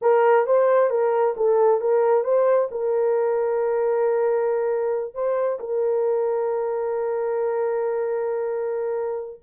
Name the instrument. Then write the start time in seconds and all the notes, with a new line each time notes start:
horn
0.01 A#4
0.46 C5
0.90 A#4
1.36 A4
1.81 A#4
2.24 C5
2.71 A#4
5.14 C5
5.59 A#4